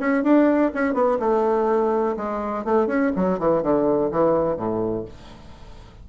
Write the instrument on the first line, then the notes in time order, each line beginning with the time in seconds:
bassoon
0.00 C#4
0.24 D4
0.74 C#4
0.94 B3
1.20 A3
2.17 G#3
2.65 A3
2.87 C#4
3.16 F#3
3.39 E3
3.63 D3
4.12 E3
4.57 A2